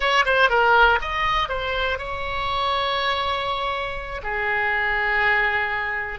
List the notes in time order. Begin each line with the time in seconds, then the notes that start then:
0.00 C#5
0.25 C5
0.49 A#4
1.01 D#5
1.48 C5
1.98 C#5
4.23 G#4